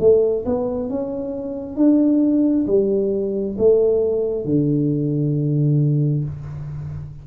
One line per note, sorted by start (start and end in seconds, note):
0.00 0.45 A3
0.45 0.90 B3
0.90 1.77 C#4
1.77 2.66 D4
2.67 3.57 G3
3.58 4.45 A3
4.45 6.24 D3